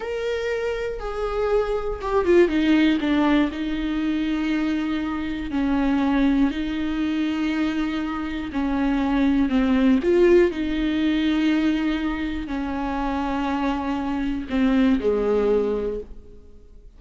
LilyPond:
\new Staff \with { instrumentName = "viola" } { \time 4/4 \tempo 4 = 120 ais'2 gis'2 | g'8 f'8 dis'4 d'4 dis'4~ | dis'2. cis'4~ | cis'4 dis'2.~ |
dis'4 cis'2 c'4 | f'4 dis'2.~ | dis'4 cis'2.~ | cis'4 c'4 gis2 | }